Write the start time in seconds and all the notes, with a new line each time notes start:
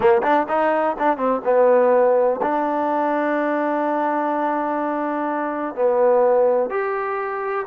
0.00 A#3
0.23 D4
0.48 D#4
0.99 D4
1.17 C4
1.44 B3
2.41 D4
5.75 B3
6.70 G4